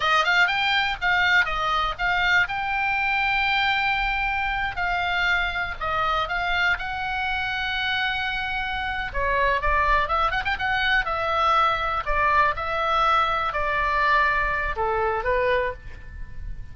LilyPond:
\new Staff \with { instrumentName = "oboe" } { \time 4/4 \tempo 4 = 122 dis''8 f''8 g''4 f''4 dis''4 | f''4 g''2.~ | g''4.~ g''16 f''2 dis''16~ | dis''8. f''4 fis''2~ fis''16~ |
fis''2~ fis''8 cis''4 d''8~ | d''8 e''8 fis''16 g''16 fis''4 e''4.~ | e''8 d''4 e''2 d''8~ | d''2 a'4 b'4 | }